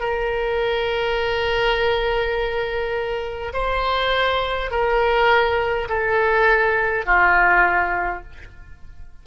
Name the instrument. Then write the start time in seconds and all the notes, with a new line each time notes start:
oboe
0.00 A#4
3.53 C5
4.71 A#4
5.89 A4
7.06 F4